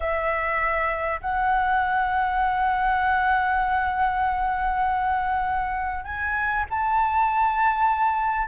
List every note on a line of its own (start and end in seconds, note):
0.00 1.20 E5
1.21 6.04 F#5
6.04 6.65 G#5
6.69 8.47 A5